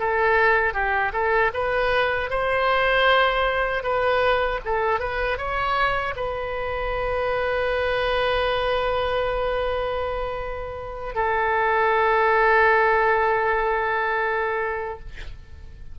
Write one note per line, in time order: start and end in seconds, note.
0.00 0.74 A4
0.74 1.13 G4
1.13 1.52 A4
1.54 2.30 B4
2.30 3.84 C5
3.84 4.60 B4
4.65 5.00 A4
5.00 5.38 B4
5.38 6.15 C#5
6.16 11.15 B4
11.15 15.00 A4